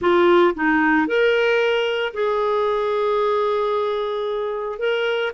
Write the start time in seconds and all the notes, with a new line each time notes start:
0.01 F4
0.54 D#4
1.07 A#4
2.13 G#4
4.78 A#4